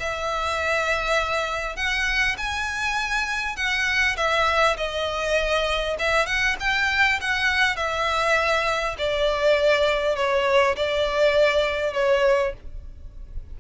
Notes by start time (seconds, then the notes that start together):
0.00 E5
1.76 F#5
2.38 G#5
3.57 F#5
4.17 E5
4.78 D#5
5.99 E5
6.26 F#5
6.60 G5
7.21 F#5
7.77 E5
8.99 D5
10.16 C#5
10.76 D5
11.94 C#5